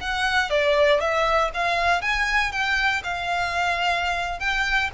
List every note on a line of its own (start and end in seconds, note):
0.00 0.50 F#5
0.50 1.00 D5
1.00 1.50 E5
1.54 2.01 F5
2.01 2.52 G#5
2.52 3.02 G5
3.03 4.39 F5
4.39 4.90 G5